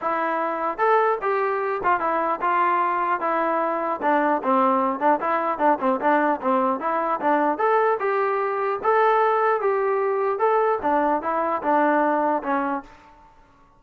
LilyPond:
\new Staff \with { instrumentName = "trombone" } { \time 4/4 \tempo 4 = 150 e'2 a'4 g'4~ | g'8 f'8 e'4 f'2 | e'2 d'4 c'4~ | c'8 d'8 e'4 d'8 c'8 d'4 |
c'4 e'4 d'4 a'4 | g'2 a'2 | g'2 a'4 d'4 | e'4 d'2 cis'4 | }